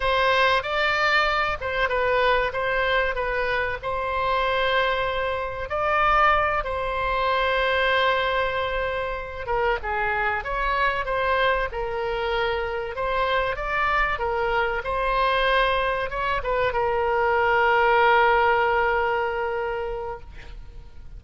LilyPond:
\new Staff \with { instrumentName = "oboe" } { \time 4/4 \tempo 4 = 95 c''4 d''4. c''8 b'4 | c''4 b'4 c''2~ | c''4 d''4. c''4.~ | c''2. ais'8 gis'8~ |
gis'8 cis''4 c''4 ais'4.~ | ais'8 c''4 d''4 ais'4 c''8~ | c''4. cis''8 b'8 ais'4.~ | ais'1 | }